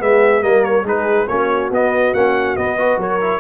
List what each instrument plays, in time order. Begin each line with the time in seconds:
0.00 tuba G#3, trombone B3, horn G#4, trumpet E5
0.42 tuba G3, trombone A#3, horn A#4, trumpet D#5
0.65 trumpet C#5
0.84 tuba G#3, trombone D#4, horn G#4, trumpet B4
1.28 tuba A#3, trombone C#4, horn F#4, trumpet C#5
1.71 tuba B3, trombone B3, trumpet D#5
2.14 tuba A#3, trombone C#4, trumpet F#5
2.57 tuba B3, trombone B3, trumpet D#5
2.78 trombone F#4, horn B4
2.98 tuba F#3, horn A#4, trumpet C#5
3.21 trombone E4